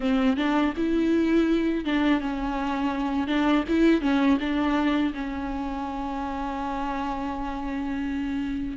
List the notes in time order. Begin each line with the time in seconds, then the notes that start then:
0.00 C4
0.37 D4
0.76 E4
1.84 D4
2.21 C#4
3.27 D4
3.68 E4
4.01 C#4
4.40 D4
5.14 C#4